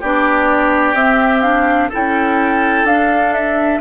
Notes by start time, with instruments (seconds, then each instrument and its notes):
0.00 bassoon B3, clarinet D4, oboe G4, flute D5
0.94 bassoon C4, clarinet C4, flute E5
1.41 clarinet D4, flute F5
1.89 clarinet E4, oboe A4, flute G5
1.95 bassoon C#4
2.84 bassoon D4, clarinet D4, flute F5
3.33 flute E5